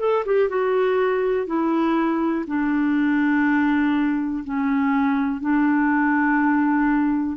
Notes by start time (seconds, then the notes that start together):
0.00 A4
0.25 G4
0.49 F#4
1.47 E4
2.47 D4
4.44 C#4
5.41 D4